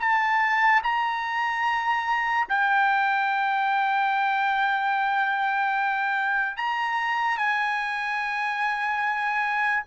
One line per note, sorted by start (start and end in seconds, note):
0.00 0.82 A5
0.83 2.48 A#5
2.49 6.57 G5
6.57 7.38 A#5
7.38 9.84 G#5